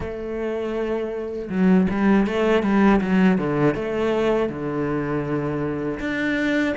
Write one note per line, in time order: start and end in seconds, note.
0.00 1.49 A3
1.49 1.87 F#3
1.90 2.27 G3
2.27 2.62 A3
2.62 3.00 G3
3.00 3.38 F#3
3.38 3.74 D3
3.74 4.49 A3
4.49 5.99 D3
5.99 6.74 D4